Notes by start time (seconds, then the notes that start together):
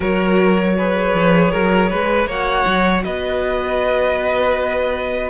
0.00 F#3 F#4 A#4 C#5
0.77 G#4 B4
1.14 F3
1.51 F#3 A#4
1.89 G#3 B4
2.26 A#3 F#4 C#5 F#5
2.66 F#3
3.04 B3 B4 D#5